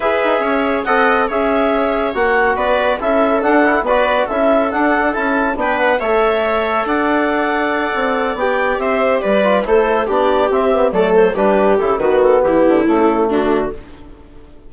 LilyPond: <<
  \new Staff \with { instrumentName = "clarinet" } { \time 4/4 \tempo 4 = 140 e''2 fis''4 e''4~ | e''4 fis''4 d''4 e''4 | fis''4 d''4 e''4 fis''4 | a''4 g''8 fis''8 e''2 |
fis''2.~ fis''8 g''8~ | g''8 e''4 d''4 c''4 d''8~ | d''8 e''4 d''8 c''8 b'4 a'8 | b'8 a'8 g'4 a'4 fis'4 | }
  \new Staff \with { instrumentName = "viola" } { \time 4/4 b'4 cis''4 dis''4 cis''4~ | cis''2 b'4 a'4~ | a'4 b'4 a'2~ | a'4 b'4 cis''2 |
d''1~ | d''8 c''4 b'4 a'4 g'8~ | g'4. a'4 g'4. | fis'4 e'2 d'4 | }
  \new Staff \with { instrumentName = "trombone" } { \time 4/4 gis'2 a'4 gis'4~ | gis'4 fis'2 e'4 | d'8 e'8 fis'4 e'4 d'4 | e'4 d'4 a'2~ |
a'2.~ a'8 g'8~ | g'2 f'8 e'4 d'8~ | d'8 c'8 b8 a4 d'4 e'8 | b2 a2 | }
  \new Staff \with { instrumentName = "bassoon" } { \time 4/4 e'8 dis'8 cis'4 c'4 cis'4~ | cis'4 ais4 b4 cis'4 | d'4 b4 cis'4 d'4 | cis'4 b4 a2 |
d'2~ d'8 c'4 b8~ | b8 c'4 g4 a4 b8~ | b8 c'4 fis4 g4 cis8 | dis4 e8 d8 cis4 d4 | }
>>